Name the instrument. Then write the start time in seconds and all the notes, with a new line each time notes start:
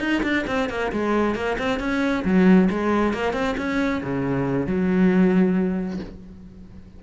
cello
0.00 D#4
0.23 D4
0.47 C4
0.69 A#3
0.92 G#3
1.35 A#3
1.58 C4
1.79 C#4
2.25 F#3
2.70 G#3
3.14 A#3
3.33 C4
3.58 C#4
4.03 C#3
4.67 F#3